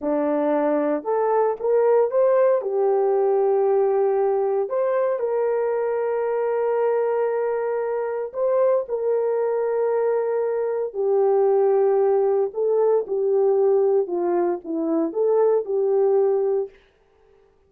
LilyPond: \new Staff \with { instrumentName = "horn" } { \time 4/4 \tempo 4 = 115 d'2 a'4 ais'4 | c''4 g'2.~ | g'4 c''4 ais'2~ | ais'1 |
c''4 ais'2.~ | ais'4 g'2. | a'4 g'2 f'4 | e'4 a'4 g'2 | }